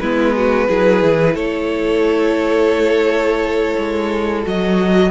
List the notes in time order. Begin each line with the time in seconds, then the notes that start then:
0.00 G#3 B3 E4 B4
0.36 F#4
0.68 F#3 E4 G#4
1.03 E3
1.35 A3 A4 C#5
3.78 G#3
4.43 F#3 F#4 D#5